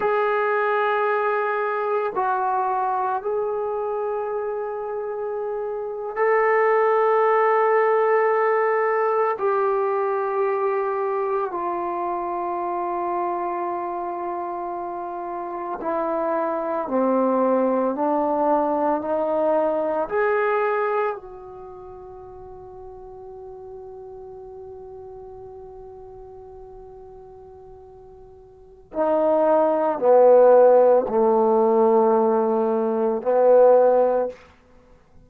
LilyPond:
\new Staff \with { instrumentName = "trombone" } { \time 4/4 \tempo 4 = 56 gis'2 fis'4 gis'4~ | gis'4.~ gis'16 a'2~ a'16~ | a'8. g'2 f'4~ f'16~ | f'2~ f'8. e'4 c'16~ |
c'8. d'4 dis'4 gis'4 fis'16~ | fis'1~ | fis'2. dis'4 | b4 a2 b4 | }